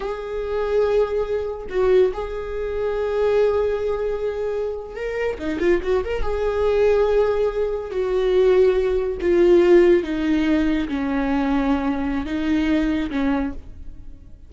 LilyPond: \new Staff \with { instrumentName = "viola" } { \time 4/4 \tempo 4 = 142 gis'1 | fis'4 gis'2.~ | gis'2.~ gis'8. ais'16~ | ais'8. dis'8 f'8 fis'8 ais'8 gis'4~ gis'16~ |
gis'2~ gis'8. fis'4~ fis'16~ | fis'4.~ fis'16 f'2 dis'16~ | dis'4.~ dis'16 cis'2~ cis'16~ | cis'4 dis'2 cis'4 | }